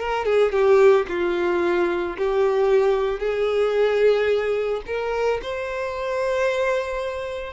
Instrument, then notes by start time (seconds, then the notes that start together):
violin
0.00 A#4
0.26 G#4
0.52 G4
1.09 F4
2.18 G4
3.20 G#4
4.87 A#4
5.43 C5